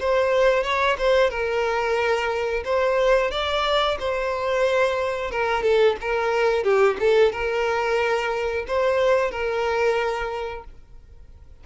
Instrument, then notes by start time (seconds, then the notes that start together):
violin
0.00 C5
0.63 C#5
0.98 C5
1.30 A#4
2.65 C5
3.31 D5
3.99 C5
5.31 A#4
5.63 A4
6.01 A#4
6.64 G4
7.00 A4
7.32 A#4
8.67 C5
9.31 A#4